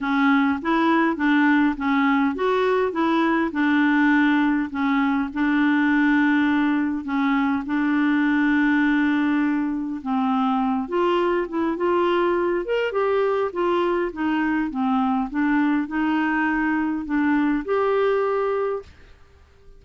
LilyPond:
\new Staff \with { instrumentName = "clarinet" } { \time 4/4 \tempo 4 = 102 cis'4 e'4 d'4 cis'4 | fis'4 e'4 d'2 | cis'4 d'2. | cis'4 d'2.~ |
d'4 c'4. f'4 e'8 | f'4. ais'8 g'4 f'4 | dis'4 c'4 d'4 dis'4~ | dis'4 d'4 g'2 | }